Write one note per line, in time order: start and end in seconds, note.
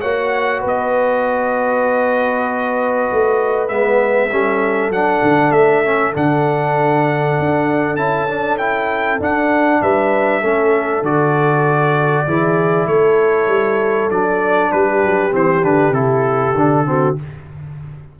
0.00 0.64 A#3
0.00 3.69 F#4
0.00 0.61 C#5
0.00 0.62 F#5
0.61 3.09 B3
0.61 4.28 B4
0.67 3.68 D#5
3.12 3.70 A3
3.68 4.31 G#3
3.68 4.30 B3
3.68 4.91 E5
4.31 4.90 G3
4.31 4.92 C#4
4.31 9.82 A4
4.90 5.20 F#3
4.90 5.85 D4
4.90 5.52 F#5
5.22 5.52 D3
5.52 6.13 A3
5.52 6.13 E5
5.85 6.13 C#4
6.13 7.38 D3
6.13 7.97 D4
6.13 7.96 F#5
7.39 7.97 D4
7.96 9.20 C#4
7.96 8.28 E4
7.96 8.57 A5
8.28 8.59 D4
8.58 9.20 E4
8.58 9.19 G5
9.20 10.42 D4
9.20 9.82 D4
9.20 9.82 F#5
9.82 10.43 G3
9.82 10.42 B4
9.82 11.04 E5
10.42 11.02 A3
10.42 11.03 C#4
10.42 12.25 A4
11.02 12.24 D3
11.02 12.26 F#4
11.02 12.87 D5
12.27 12.86 E3
12.27 14.11 E4
12.27 12.88 G#4
12.86 13.47 A3
12.86 14.72 A4
12.86 14.10 C#5
13.47 14.09 G3
14.11 14.72 F#3
14.11 15.31 D4
14.11 14.72 D5
14.72 15.03 G3
14.72 16.87 G4
14.72 15.33 B4
15.03 15.33 F#3
15.31 15.64 E3
15.31 15.62 C4
15.31 15.64 C5
15.63 15.90 D3
15.63 15.93 D4
15.63 15.93 B4
15.90 16.52 C3
15.90 16.54 E4
15.90 17.16 A4
16.54 17.16 D3
16.54 16.85 D4
16.85 17.16 C4
16.85 17.19 F#4